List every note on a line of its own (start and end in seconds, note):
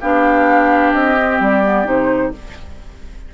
0.00 0.93 B3
0.00 1.18 D4
0.00 2.33 G4
0.00 0.93 F5
0.93 1.40 C4
0.93 1.40 D#5
1.18 1.63 C4
1.40 1.85 G3
1.40 1.87 D5
1.63 1.85 B3
1.85 2.32 C3
1.85 2.31 D#4
1.85 2.34 C5